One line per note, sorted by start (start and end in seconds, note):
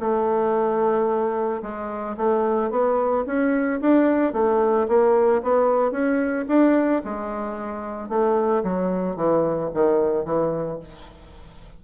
0.00 1.62 A3
1.62 2.16 G#3
2.17 2.71 A3
2.71 3.25 B3
3.26 3.80 C#4
3.81 4.33 D4
4.33 4.87 A3
4.88 5.43 A#3
5.43 5.92 B3
5.92 6.46 C#4
6.48 7.02 D4
7.05 8.09 G#3
8.09 8.63 A3
8.64 9.16 F#3
9.16 9.70 E3
9.74 10.25 D#3
10.25 10.79 E3